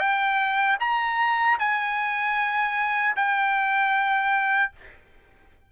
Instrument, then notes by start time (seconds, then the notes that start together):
trumpet
0.00 G5
0.80 A#5
1.60 G#5
3.16 G5